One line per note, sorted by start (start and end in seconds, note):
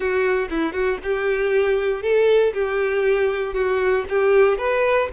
0.00 0.48 F#4
0.50 0.72 E4
0.72 0.98 F#4
1.03 2.02 G4
2.02 2.53 A4
2.53 3.54 G4
3.54 4.04 F#4
4.09 4.58 G4
4.58 5.08 B4